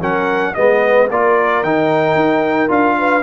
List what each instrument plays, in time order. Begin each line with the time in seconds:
0.00 tuba F#3, trombone C#4, horn A#4, trumpet F#5
0.55 tuba G#3, trombone B3, horn B4, trumpet D#5
1.11 tuba A#3, trombone F4, horn A#4, trumpet D5
1.63 tuba D#3, trombone D#4, trumpet G5
2.15 tuba D#4
2.69 tuba D4, trombone F4, trumpet F5
2.99 horn B4